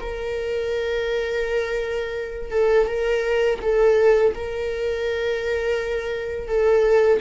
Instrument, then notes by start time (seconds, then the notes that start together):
viola
0.00 A#4
2.51 A4
2.87 A#4
3.61 A4
4.34 A#4
6.48 A4